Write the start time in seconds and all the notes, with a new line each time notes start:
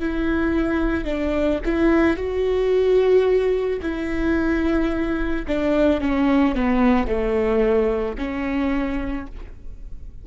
0.00 E4
1.05 D4
1.66 E4
2.17 F#4
3.82 E4
5.48 D4
6.01 C#4
6.56 B3
7.08 A3
8.18 C#4